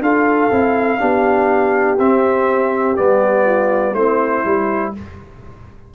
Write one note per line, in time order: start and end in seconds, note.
0.00 0.49 D4
0.00 0.51 F4
0.00 1.00 A4
0.00 1.99 F5
0.51 1.01 C4
0.51 0.99 E4
0.99 1.99 B3
0.99 1.97 D4
0.99 3.46 G4
1.99 2.97 C4
1.99 2.97 E5
2.97 3.94 G3
2.97 3.95 B3
2.97 3.95 D5
3.46 3.93 F4
3.93 4.43 A3
3.93 4.45 C4
3.93 4.92 E4
3.93 4.93 C5
4.45 4.95 G3
4.45 4.95 E4